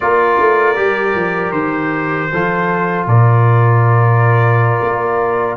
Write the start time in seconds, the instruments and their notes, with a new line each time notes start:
0.00 tuba A#3, trombone F4, horn A#4, trumpet D5
0.39 tuba A3
0.75 tuba G3, trombone G4
1.15 tuba F3
1.51 tuba D#3, trumpet C5
2.32 tuba F3, trombone F4, horn A4
3.06 tuba A#2, horn A#4, trumpet D5
4.81 tuba A#3